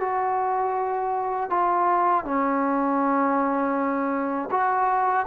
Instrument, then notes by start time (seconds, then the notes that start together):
trombone
0.00 F#4
1.50 F4
2.25 C#4
4.51 F#4